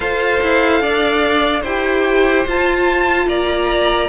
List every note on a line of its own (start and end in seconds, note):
0.00 0.41 F4
0.00 1.62 A4
0.00 0.82 C5
0.00 1.63 F5
0.42 0.80 E4
0.80 1.63 D4
0.80 1.61 D5
1.61 2.46 E4
1.61 2.48 G4
1.61 3.25 C5
1.61 2.46 G5
2.46 3.27 F4
2.46 4.09 F4
2.46 3.29 A5
3.27 4.09 A#3
3.27 4.09 D5
3.27 4.09 A#5